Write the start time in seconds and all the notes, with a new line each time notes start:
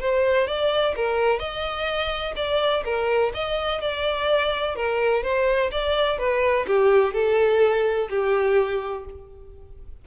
0.00 C5
0.47 D5
0.96 A#4
1.39 D#5
2.36 D5
2.85 A#4
3.34 D#5
3.81 D5
4.76 A#4
5.23 C5
5.71 D5
6.18 B4
6.67 G4
7.14 A4
8.09 G4